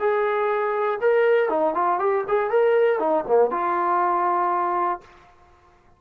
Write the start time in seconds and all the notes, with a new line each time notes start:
0.00 G#4
1.01 A#4
1.50 D#4
1.75 F4
2.00 G4
2.28 G#4
2.51 A#4
3.00 D#4
3.28 A#3
3.51 F4